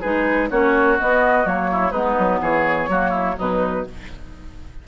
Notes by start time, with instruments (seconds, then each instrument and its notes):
0.00 bassoon G#3, clarinet D#4, oboe G#4, flute B4
0.50 bassoon A#3, clarinet C#4, oboe F#4, flute C#5
0.99 clarinet B3, bassoon B3, flute D#5
1.44 bassoon F#3, clarinet A#3, flute C#5
1.71 oboe E4
1.91 bassoon G#3, clarinet B3, oboe D#4, flute B4
2.18 bassoon F#3
2.40 bassoon E3, oboe G#4, flute C#5
2.88 bassoon F#3, clarinet A#3, oboe F#4
3.10 oboe E4
3.37 bassoon B2, clarinet F#3, oboe D#4, flute B4